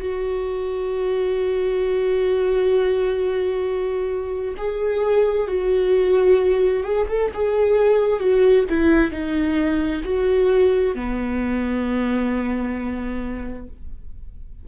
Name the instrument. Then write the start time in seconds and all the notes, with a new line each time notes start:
viola
0.00 F#4
4.57 G#4
5.48 F#4
6.83 G#4
7.08 A4
7.34 G#4
8.19 F#4
8.69 E4
9.11 D#4
10.04 F#4
10.95 B3